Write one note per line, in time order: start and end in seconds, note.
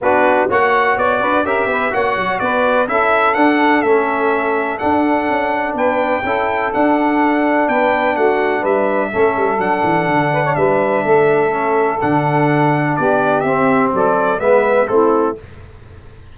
0.01 0.49 B3
0.01 0.49 D4
0.01 0.47 F#4
0.01 0.50 B4
0.47 0.96 A#3
0.47 1.44 F#4
0.47 1.19 C#5
0.47 0.97 F#5
0.96 1.20 B3
0.96 1.45 D5
1.20 1.43 D4
1.20 1.45 B4
1.43 1.66 C#4
1.43 1.90 G4
1.43 1.69 A#4
1.43 1.93 E5
1.66 1.90 B3
1.66 1.91 B4
1.90 2.16 A#3
1.90 2.86 F#4
1.90 2.39 C#5
1.90 2.39 F#5
2.16 2.40 F#3
2.39 2.88 B3
2.39 2.89 B4
2.39 2.87 D5
2.87 3.35 C#4
2.87 3.35 E4
2.87 5.76 A4
2.87 3.34 E5
3.34 3.83 D4
3.34 3.84 D4
3.34 3.82 F#5
3.82 4.79 A3
3.82 4.79 C#4
3.82 4.78 E5
4.78 6.23 D4
4.78 5.29 D4
4.78 5.74 F#5
5.29 5.74 C#4
5.74 6.22 B3
5.74 6.24 B4
5.74 6.73 G5
6.24 6.72 C#4
6.24 6.73 E4
6.24 7.68 A4
6.73 9.12 D4
6.73 7.68 D4
6.73 7.68 F#5
7.68 8.16 B3
7.68 8.15 B4
7.68 8.16 G5
8.15 8.64 A3
8.15 8.60 F#4
8.15 8.64 F#5
8.60 9.12 G3
8.60 9.08 B4
8.60 9.60 E5
9.12 9.37 A3
9.12 9.58 C#4
9.12 10.32 A4
9.37 9.58 G3
9.58 9.82 F#3
9.58 11.50 D4
9.58 10.55 F#5
9.83 10.07 E3
10.07 10.55 D3
10.32 10.43 B4
10.43 10.55 C#5
10.55 11.04 G3
10.55 11.04 B4
10.55 11.99 E5
11.04 12.00 A3
11.04 12.96 A4
11.51 11.99 C#4
12.01 12.98 D3
12.01 13.45 D4
12.01 12.96 F#5
12.96 13.43 B3
12.96 13.93 G4
12.96 13.40 D5
13.40 13.91 C4
13.40 14.38 C4
13.40 13.88 E5
13.93 14.39 F#3
13.93 14.40 A4
13.93 14.39 D5
14.38 14.87 G#3
14.38 14.86 B3
14.38 14.88 B4
14.38 14.87 E5
14.87 15.37 A3
14.87 15.35 C4
14.87 15.37 E4
14.87 15.35 A4